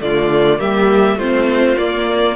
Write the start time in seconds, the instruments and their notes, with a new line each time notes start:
0.00 cello D3, viola A3, violin F4 D5
0.59 cello G3, viola A#3, violin G4 E5
1.16 cello A3, viola C4, violin F4 C5
1.77 viola A#3, cello A#3, violin D5